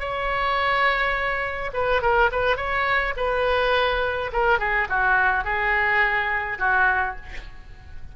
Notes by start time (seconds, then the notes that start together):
0.00 C#5
1.74 B4
2.02 A#4
2.32 B4
2.57 C#5
3.17 B4
4.33 A#4
4.59 G#4
4.89 F#4
5.44 G#4
6.59 F#4